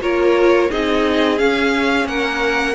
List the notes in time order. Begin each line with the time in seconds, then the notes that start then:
0.00 A#3 F4 A#4 C#5
0.70 C4 D#4 G#4 D#5
1.37 C#4 F5
2.05 A#3 A#4 F#5